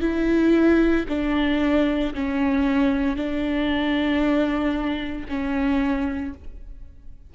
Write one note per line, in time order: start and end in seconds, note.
0.00 1.05 E4
1.09 2.14 D4
2.14 3.16 C#4
3.16 5.27 D4
5.29 6.34 C#4